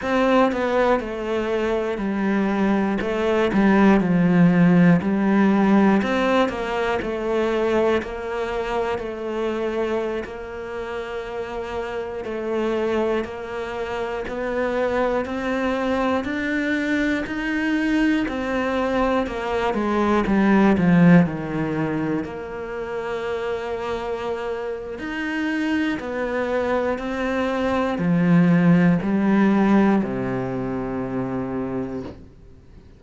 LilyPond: \new Staff \with { instrumentName = "cello" } { \time 4/4 \tempo 4 = 60 c'8 b8 a4 g4 a8 g8 | f4 g4 c'8 ais8 a4 | ais4 a4~ a16 ais4.~ ais16~ | ais16 a4 ais4 b4 c'8.~ |
c'16 d'4 dis'4 c'4 ais8 gis16~ | gis16 g8 f8 dis4 ais4.~ ais16~ | ais4 dis'4 b4 c'4 | f4 g4 c2 | }